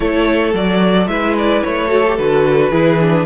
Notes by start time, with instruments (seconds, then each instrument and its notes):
0.00 cello A3, viola E4, violin A4 C#5
0.53 cello F#3, viola F#4, violin D5
1.07 cello G#3, viola E4, violin B4 E5
1.38 violin D5
1.63 cello A3, violin C#5
1.88 viola F#4, violin A4
2.07 viola G4
2.17 cello D3, viola F#4, violin B4
2.70 cello E3, viola E4, violin G#4
3.00 viola D4